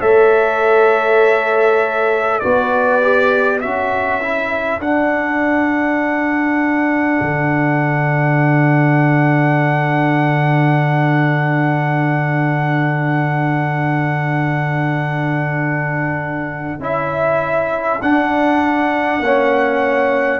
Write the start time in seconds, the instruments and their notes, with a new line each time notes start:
0.00 tuba A3, trombone A4, horn C#5, trumpet E5
2.40 tuba B3, trombone F#4, horn B4, trumpet D5
3.02 trombone G4
3.59 tuba C#4, trombone F#4, horn A4, trumpet E5
4.21 trombone E4
4.79 tuba D4, trombone D4, trumpet F#5
7.21 tuba D3
16.79 tuba C#4, trombone E4, trumpet E5
18.02 tuba D4, trombone D4, trumpet F#5
19.20 tuba A#3, trombone C#4, horn C#5